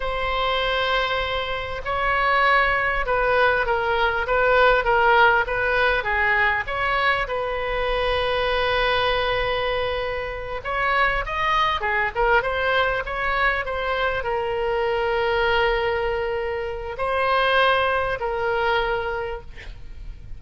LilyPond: \new Staff \with { instrumentName = "oboe" } { \time 4/4 \tempo 4 = 99 c''2. cis''4~ | cis''4 b'4 ais'4 b'4 | ais'4 b'4 gis'4 cis''4 | b'1~ |
b'4. cis''4 dis''4 gis'8 | ais'8 c''4 cis''4 c''4 ais'8~ | ais'1 | c''2 ais'2 | }